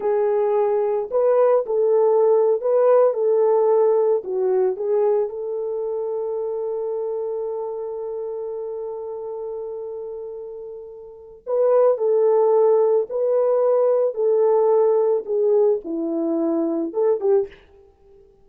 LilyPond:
\new Staff \with { instrumentName = "horn" } { \time 4/4 \tempo 4 = 110 gis'2 b'4 a'4~ | a'8. b'4 a'2 fis'16~ | fis'8. gis'4 a'2~ a'16~ | a'1~ |
a'1~ | a'4 b'4 a'2 | b'2 a'2 | gis'4 e'2 a'8 g'8 | }